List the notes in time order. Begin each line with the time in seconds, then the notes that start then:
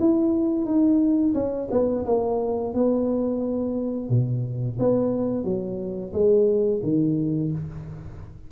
0.00 E4
0.65 D#4
1.34 C#4
1.71 B3
2.06 A#3
2.74 B3
4.10 B2
4.79 B3
5.44 F#3
6.13 G#3
6.83 D#3